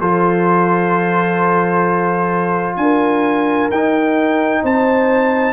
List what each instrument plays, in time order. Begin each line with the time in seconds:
0.00 tuba F3, trombone F4, horn A4, trumpet C5
2.77 tuba D4, horn A#4, trumpet G#5
3.70 tuba D#4, trombone D#4, trumpet G5
4.63 tuba C4, horn C5, trumpet A5